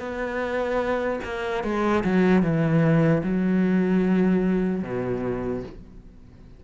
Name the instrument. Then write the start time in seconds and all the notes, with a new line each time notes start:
cello
0.00 B3
1.25 A#3
1.64 G#3
2.05 F#3
2.43 E3
3.24 F#3
4.84 B2